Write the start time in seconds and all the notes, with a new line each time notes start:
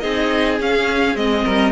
0.00 C4 D#4 G#4 D#5
0.60 C#4 F5
1.16 G#3 C4 D#5
1.44 G3 A#4